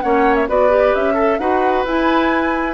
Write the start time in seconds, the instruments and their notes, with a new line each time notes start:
0.00 bassoon A#3, clarinet C#4, oboe C#5, flute F#5
0.34 flute E5
0.48 bassoon B3, clarinet F#4, oboe B4, flute D5
0.69 clarinet G4
0.94 bassoon C#4, flute E5
1.13 oboe A4, clarinet A4
1.38 bassoon D#4, clarinet F#4, oboe B4, flute F#5
1.84 bassoon E4, clarinet E4, flute G#5